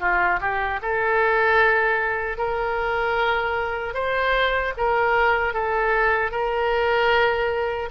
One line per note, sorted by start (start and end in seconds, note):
0.00 0.39 F4
0.41 0.80 G4
0.82 2.38 A4
2.38 3.94 A#4
3.94 4.73 C5
4.77 5.54 A#4
5.54 6.31 A4
6.31 7.89 A#4